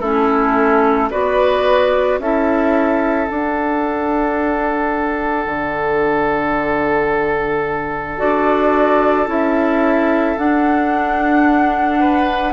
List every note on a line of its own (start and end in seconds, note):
0.00 1.10 A3
0.00 1.11 C#4
0.00 1.09 E4
0.00 1.10 A4
1.10 2.19 B3
1.10 2.20 F#4
1.10 2.19 B4
1.10 2.20 D5
2.19 3.28 C#4
2.19 3.28 E4
2.19 12.00 A4
2.19 3.28 E5
3.28 8.17 D4
3.28 5.46 D4
3.28 8.18 F#5
5.46 8.19 D3
8.17 9.27 D4
8.17 9.27 F#4
8.17 9.27 D5
9.27 10.36 C#4
9.27 10.36 E4
9.27 10.38 E5
10.37 12.53 D4
10.37 12.53 F#5
12.00 12.53 B4